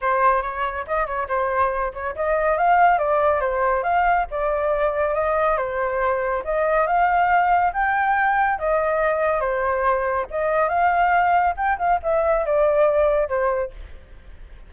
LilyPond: \new Staff \with { instrumentName = "flute" } { \time 4/4 \tempo 4 = 140 c''4 cis''4 dis''8 cis''8 c''4~ | c''8 cis''8 dis''4 f''4 d''4 | c''4 f''4 d''2 | dis''4 c''2 dis''4 |
f''2 g''2 | dis''2 c''2 | dis''4 f''2 g''8 f''8 | e''4 d''2 c''4 | }